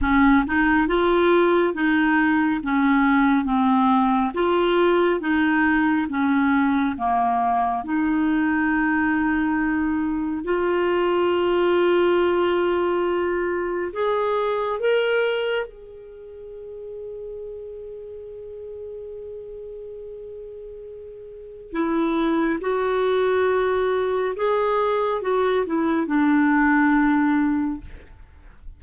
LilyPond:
\new Staff \with { instrumentName = "clarinet" } { \time 4/4 \tempo 4 = 69 cis'8 dis'8 f'4 dis'4 cis'4 | c'4 f'4 dis'4 cis'4 | ais4 dis'2. | f'1 |
gis'4 ais'4 gis'2~ | gis'1~ | gis'4 e'4 fis'2 | gis'4 fis'8 e'8 d'2 | }